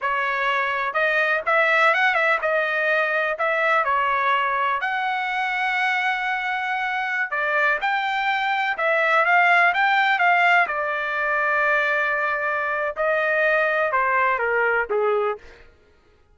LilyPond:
\new Staff \with { instrumentName = "trumpet" } { \time 4/4 \tempo 4 = 125 cis''2 dis''4 e''4 | fis''8 e''8 dis''2 e''4 | cis''2 fis''2~ | fis''2.~ fis''16 d''8.~ |
d''16 g''2 e''4 f''8.~ | f''16 g''4 f''4 d''4.~ d''16~ | d''2. dis''4~ | dis''4 c''4 ais'4 gis'4 | }